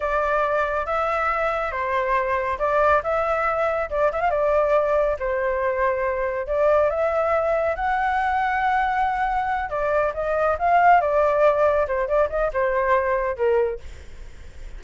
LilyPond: \new Staff \with { instrumentName = "flute" } { \time 4/4 \tempo 4 = 139 d''2 e''2 | c''2 d''4 e''4~ | e''4 d''8 e''16 f''16 d''2 | c''2. d''4 |
e''2 fis''2~ | fis''2~ fis''8 d''4 dis''8~ | dis''8 f''4 d''2 c''8 | d''8 dis''8 c''2 ais'4 | }